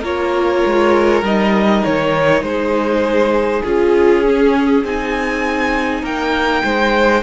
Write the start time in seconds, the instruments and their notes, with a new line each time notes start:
0.00 cello A#3, viola F4, violin A#4 C#5
0.66 cello G#3
1.23 cello G3, viola D#4, violin D#5
1.84 cello D#3, violin C#5
2.42 cello G#3, violin G#4 C5
3.64 cello C#4, viola F4, violin G#4
4.24 viola C#4
4.84 cello C4, viola D#4, violin G#5
6.02 cello A#3, violin A#4 G5
6.63 cello G#3, violin C5